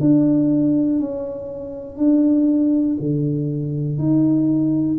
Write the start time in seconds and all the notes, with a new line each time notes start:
0.00 D4
1.00 C#4
1.97 D4
3.00 D3
3.98 D#4